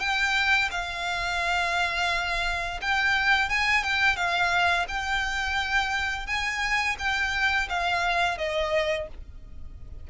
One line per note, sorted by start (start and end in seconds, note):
0.00 0.70 G5
0.71 2.80 F5
2.82 3.49 G5
3.49 3.84 G#5
3.84 4.16 G5
4.16 4.86 F5
4.89 6.27 G5
6.27 6.97 G#5
6.99 7.69 G5
7.69 8.38 F5
8.38 9.08 D#5